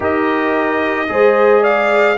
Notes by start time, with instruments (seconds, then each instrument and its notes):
0.00 tuba D#4, trombone G4, horn A#4, trumpet D#5
1.07 tuba G#3, trombone G#4, horn C5
1.61 horn D5, trumpet F5